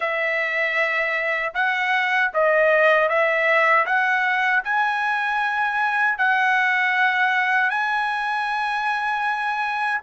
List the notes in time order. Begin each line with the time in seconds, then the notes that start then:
0.00 E5
1.54 F#5
2.33 D#5
3.08 E5
3.86 F#5
4.64 G#5
6.17 F#5
7.70 G#5